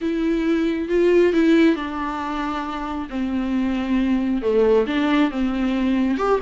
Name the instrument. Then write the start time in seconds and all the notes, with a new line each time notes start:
viola
0.01 E4
0.88 F4
1.33 E4
1.75 D4
3.09 C4
4.42 A3
4.86 D4
5.30 C4
6.17 G4